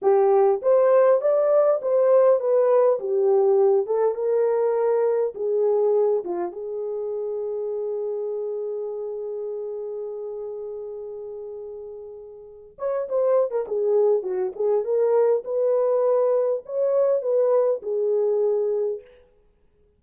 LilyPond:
\new Staff \with { instrumentName = "horn" } { \time 4/4 \tempo 4 = 101 g'4 c''4 d''4 c''4 | b'4 g'4. a'8 ais'4~ | ais'4 gis'4. f'8 gis'4~ | gis'1~ |
gis'1~ | gis'4. cis''8 c''8. ais'16 gis'4 | fis'8 gis'8 ais'4 b'2 | cis''4 b'4 gis'2 | }